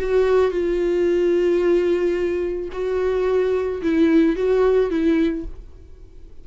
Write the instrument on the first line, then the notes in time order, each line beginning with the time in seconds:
viola
0.00 F#4
0.51 F4
2.72 F#4
3.82 E4
4.36 F#4
4.90 E4